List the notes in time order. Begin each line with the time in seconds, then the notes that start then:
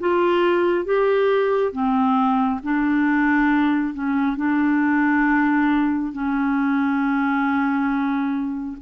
0.00 F4
0.85 G4
1.72 C4
2.64 D4
3.95 C#4
4.37 D4
6.13 C#4